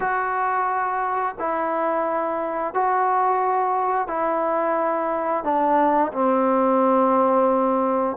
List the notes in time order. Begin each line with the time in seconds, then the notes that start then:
0.00 F#4
1.38 E4
2.74 F#4
4.07 E4
5.44 D4
6.12 C4